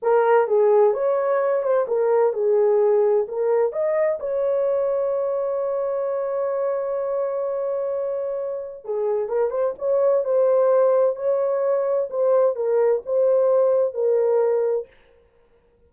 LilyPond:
\new Staff \with { instrumentName = "horn" } { \time 4/4 \tempo 4 = 129 ais'4 gis'4 cis''4. c''8 | ais'4 gis'2 ais'4 | dis''4 cis''2.~ | cis''1~ |
cis''2. gis'4 | ais'8 c''8 cis''4 c''2 | cis''2 c''4 ais'4 | c''2 ais'2 | }